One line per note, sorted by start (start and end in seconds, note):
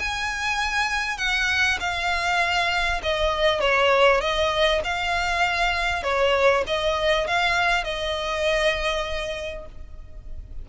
0.00 1.18 G#5
1.18 1.79 F#5
1.80 3.02 F5
3.03 3.61 D#5
3.61 4.21 C#5
4.21 4.82 D#5
4.84 6.04 F5
6.04 6.64 C#5
6.67 7.27 D#5
7.27 7.84 F5
7.84 9.66 D#5